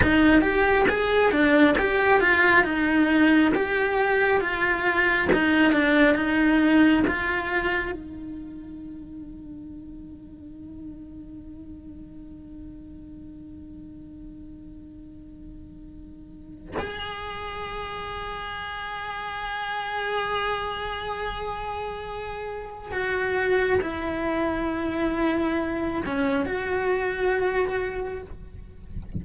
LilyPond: \new Staff \with { instrumentName = "cello" } { \time 4/4 \tempo 4 = 68 dis'8 g'8 gis'8 d'8 g'8 f'8 dis'4 | g'4 f'4 dis'8 d'8 dis'4 | f'4 dis'2.~ | dis'1~ |
dis'2. gis'4~ | gis'1~ | gis'2 fis'4 e'4~ | e'4. cis'8 fis'2 | }